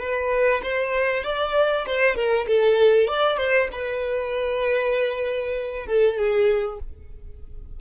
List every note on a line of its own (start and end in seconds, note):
0.00 0.62 B4
0.63 1.24 C5
1.24 1.86 D5
1.87 2.16 C5
2.16 2.47 A#4
2.48 3.08 A4
3.08 3.38 D5
3.38 3.69 C5
3.73 5.87 B4
5.87 6.17 A4
6.17 6.79 G#4